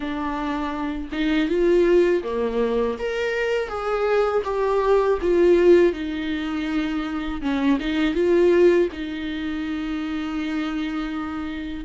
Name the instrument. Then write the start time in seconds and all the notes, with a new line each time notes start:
viola
0.00 D4
1.11 D#4
1.48 F4
2.23 A#3
2.98 A#4
3.68 G#4
4.44 G4
5.21 F4
5.93 D#4
7.41 C#4
7.79 D#4
8.14 F4
8.92 D#4